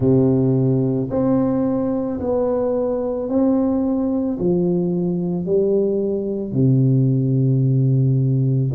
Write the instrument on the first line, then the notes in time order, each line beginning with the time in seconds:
tuba
0.00 C3
1.10 C4
2.20 B3
3.29 C4
4.39 F3
5.45 G3
6.52 C3